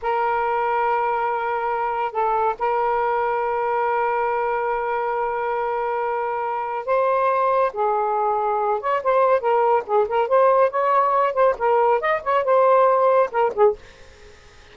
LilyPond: \new Staff \with { instrumentName = "saxophone" } { \time 4/4 \tempo 4 = 140 ais'1~ | ais'4 a'4 ais'2~ | ais'1~ | ais'1 |
c''2 gis'2~ | gis'8 cis''8 c''4 ais'4 gis'8 ais'8 | c''4 cis''4. c''8 ais'4 | dis''8 cis''8 c''2 ais'8 gis'8 | }